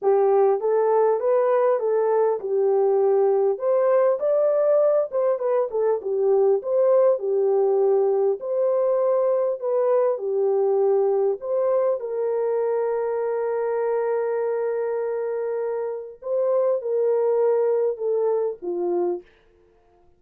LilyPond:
\new Staff \with { instrumentName = "horn" } { \time 4/4 \tempo 4 = 100 g'4 a'4 b'4 a'4 | g'2 c''4 d''4~ | d''8 c''8 b'8 a'8 g'4 c''4 | g'2 c''2 |
b'4 g'2 c''4 | ais'1~ | ais'2. c''4 | ais'2 a'4 f'4 | }